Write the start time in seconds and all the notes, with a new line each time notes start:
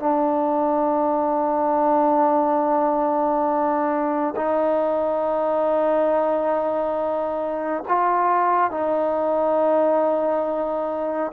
0.00 D4
4.36 D#4
7.89 F4
8.71 D#4